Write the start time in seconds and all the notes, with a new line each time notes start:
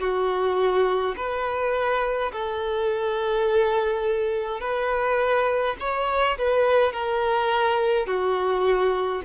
0.00 F#4
1.17 B4
2.32 A4
4.61 B4
5.81 C#5
6.39 B4
6.93 A#4
8.07 F#4